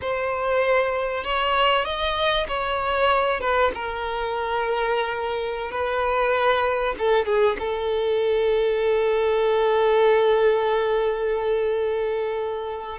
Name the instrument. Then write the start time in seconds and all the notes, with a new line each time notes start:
violin
0.01 C5
1.24 C#5
1.84 D#5
2.48 C#5
3.40 B4
3.74 A#4
5.71 B4
6.98 A4
7.25 G#4
7.59 A4